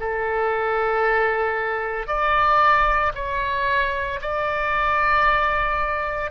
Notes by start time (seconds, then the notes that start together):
0.00 A4
2.08 D5
3.15 C#5
4.22 D5